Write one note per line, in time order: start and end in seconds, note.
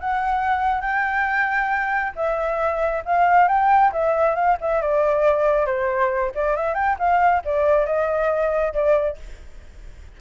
0.00 0.81 F#5
0.81 2.13 G5
2.16 3.03 E5
3.05 3.48 F5
3.48 3.92 G5
3.93 4.35 E5
4.35 4.57 F5
4.61 4.82 E5
4.82 5.66 D5
5.66 6.32 C5
6.35 6.56 D5
6.56 6.75 E5
6.75 6.97 G5
6.99 7.43 F5
7.45 7.86 D5
7.86 8.73 D#5
8.73 9.17 D5